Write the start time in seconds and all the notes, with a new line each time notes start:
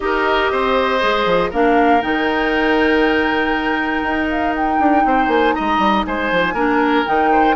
0.00 D#4 G4 A#4 D#5
0.51 C4 C5
1.00 G#3 G#4
1.25 F3
1.50 A#3 D4 A#4 F5
2.01 D#3 D#4 G5
4.03 D#4
4.29 F5
4.55 G5
4.79 D4
5.05 C4 C5
5.27 A#3 G#5
5.53 D#5 A#5
5.59 G#3
5.78 G3
6.05 G#3 C5 G#5
6.31 F3
6.53 A#3 D4 A#4
7.05 D#3 D#4 G5
7.32 C5